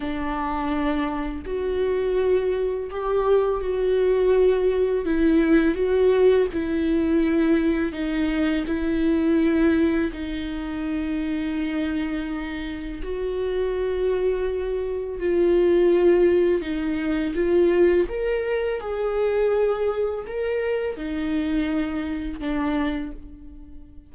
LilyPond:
\new Staff \with { instrumentName = "viola" } { \time 4/4 \tempo 4 = 83 d'2 fis'2 | g'4 fis'2 e'4 | fis'4 e'2 dis'4 | e'2 dis'2~ |
dis'2 fis'2~ | fis'4 f'2 dis'4 | f'4 ais'4 gis'2 | ais'4 dis'2 d'4 | }